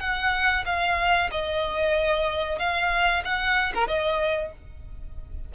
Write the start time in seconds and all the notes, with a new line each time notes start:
0.00 F#5
0.66 F5
1.31 D#5
2.59 F5
3.25 F#5
3.74 A#4
3.88 D#5